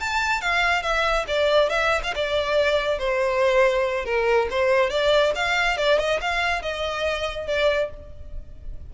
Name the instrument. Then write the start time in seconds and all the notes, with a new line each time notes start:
violin
0.00 A5
0.41 F5
0.82 E5
1.27 D5
1.69 E5
2.03 F5
2.15 D5
2.98 C5
4.05 A#4
4.50 C5
4.90 D5
5.35 F5
5.77 D5
5.99 D#5
6.21 F5
6.62 D#5
7.47 D5